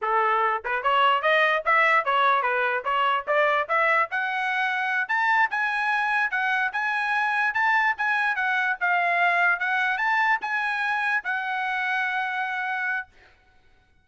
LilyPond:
\new Staff \with { instrumentName = "trumpet" } { \time 4/4 \tempo 4 = 147 a'4. b'8 cis''4 dis''4 | e''4 cis''4 b'4 cis''4 | d''4 e''4 fis''2~ | fis''8 a''4 gis''2 fis''8~ |
fis''8 gis''2 a''4 gis''8~ | gis''8 fis''4 f''2 fis''8~ | fis''8 a''4 gis''2 fis''8~ | fis''1 | }